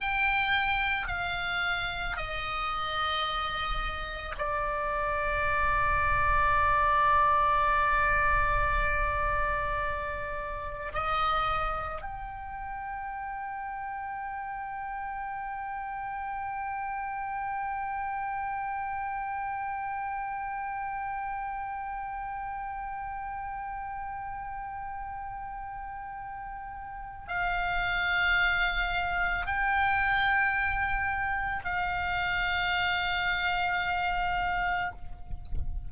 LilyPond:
\new Staff \with { instrumentName = "oboe" } { \time 4/4 \tempo 4 = 55 g''4 f''4 dis''2 | d''1~ | d''2 dis''4 g''4~ | g''1~ |
g''1~ | g''1~ | g''4 f''2 g''4~ | g''4 f''2. | }